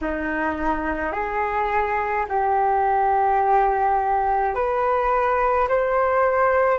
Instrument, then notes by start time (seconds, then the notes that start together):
flute
0.01 D#4
1.12 G#4
2.28 G4
4.54 B4
5.68 C5